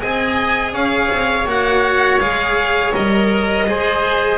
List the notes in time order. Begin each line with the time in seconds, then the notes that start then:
0.00 C4 G#4 D#5 G#5
0.72 C#4 C#5 F5
1.12 C4
1.45 A#3 F#4 F#5
2.19 G#3 G#4 F5
2.92 G3 A#4 D#5
3.67 G#3 G#4 C5